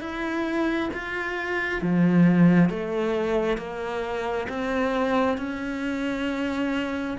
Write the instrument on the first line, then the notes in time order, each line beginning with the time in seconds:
cello
0.00 E4
0.93 F4
1.81 F3
2.69 A3
3.57 A#3
4.49 C4
5.37 C#4